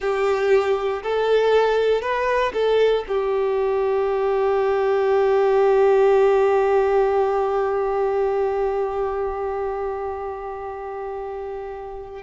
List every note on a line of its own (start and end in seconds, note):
0.00 1.02 G4
1.02 2.01 A4
2.01 2.52 B4
2.53 3.04 A4
3.07 12.22 G4